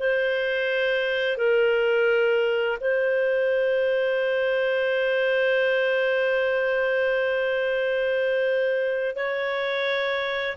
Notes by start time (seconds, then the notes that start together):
0.00 C5
1.38 A#4
2.81 C5
9.16 C#5